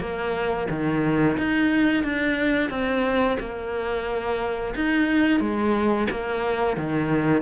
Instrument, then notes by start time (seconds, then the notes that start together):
cello
0.00 A#3
0.70 D#3
1.38 D#4
2.03 D4
2.70 C4
3.39 A#3
4.75 D#4
5.40 G#3
6.10 A#3
6.77 D#3